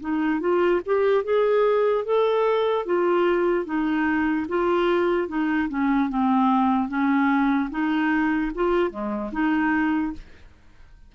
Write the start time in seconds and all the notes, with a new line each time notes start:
0.00 D#4
0.40 F4
0.86 G4
1.24 G#4
2.04 A4
2.85 F4
3.65 D#4
4.48 F4
5.27 D#4
5.69 C#4
6.09 C4
6.88 C#4
7.70 D#4
8.54 F4
8.90 G#3
9.31 D#4